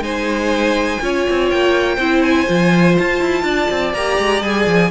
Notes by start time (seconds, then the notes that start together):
0.00 G#3 D#4 C5 G#5
1.01 C#4 F4 C#5
1.30 C4
1.51 A#3 G5
1.96 C4 E4 C5
2.22 G#5
2.47 F3 F4
2.98 F4 A5
3.21 E4
3.43 D4 D5
3.71 C4
3.93 A#3 G4 A#5
4.18 G#3
4.42 G3 G#4 G#5
4.67 F3